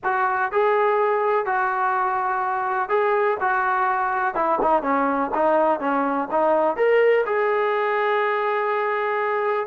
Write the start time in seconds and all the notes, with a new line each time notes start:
0.04 F#4
0.52 G#4
1.45 F#4
2.89 G#4
3.40 F#4
4.34 E4
4.61 D#4
4.82 C#4
5.34 D#4
5.80 C#4
6.31 D#4
6.76 A#4
7.25 G#4